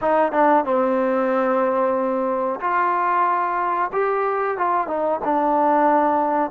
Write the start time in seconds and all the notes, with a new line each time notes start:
0.01 D#4
0.32 D4
0.64 C4
2.60 F4
3.92 G4
4.57 F4
4.87 D#4
5.24 D4